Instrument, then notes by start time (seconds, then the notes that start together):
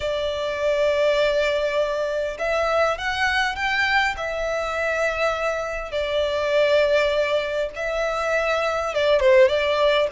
violin
0.00 D5
2.38 E5
2.98 F#5
3.55 G5
4.17 E5
5.91 D5
7.75 E5
8.94 D5
9.20 C5
9.48 D5